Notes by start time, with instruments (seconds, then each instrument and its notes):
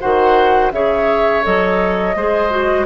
0.00 bassoon D#3, clarinet F#4, oboe C5, flute F#5
0.72 bassoon C#3, clarinet G#4, oboe C#5, flute E5
1.43 bassoon F#3, clarinet A4, flute D#5
2.15 bassoon G#3, clarinet G#4, oboe C5
2.50 clarinet F#4